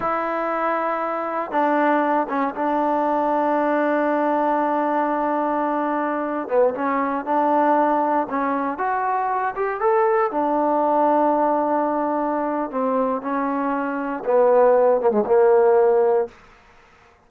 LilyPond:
\new Staff \with { instrumentName = "trombone" } { \time 4/4 \tempo 4 = 118 e'2. d'4~ | d'8 cis'8 d'2.~ | d'1~ | d'8. b8 cis'4 d'4.~ d'16~ |
d'16 cis'4 fis'4. g'8 a'8.~ | a'16 d'2.~ d'8.~ | d'4 c'4 cis'2 | b4. ais16 gis16 ais2 | }